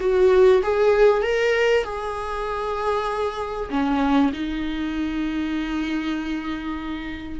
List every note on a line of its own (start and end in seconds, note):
0.00 0.62 F#4
0.63 1.22 G#4
1.22 1.84 A#4
1.84 3.69 G#4
3.70 4.32 C#4
4.33 7.40 D#4